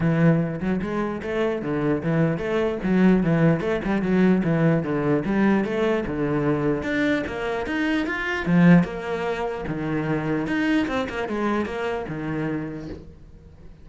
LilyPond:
\new Staff \with { instrumentName = "cello" } { \time 4/4 \tempo 4 = 149 e4. fis8 gis4 a4 | d4 e4 a4 fis4 | e4 a8 g8 fis4 e4 | d4 g4 a4 d4~ |
d4 d'4 ais4 dis'4 | f'4 f4 ais2 | dis2 dis'4 c'8 ais8 | gis4 ais4 dis2 | }